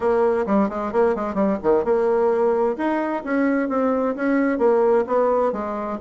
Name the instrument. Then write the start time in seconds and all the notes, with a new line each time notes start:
bassoon
0.00 A#3
0.46 G3
0.69 G#3
0.92 A#3
1.15 G#3
1.34 G3
1.63 D#3
1.84 A#3
2.77 D#4
3.23 C#4
3.68 C4
4.15 C#4
4.58 A#3
5.06 B3
5.52 G#3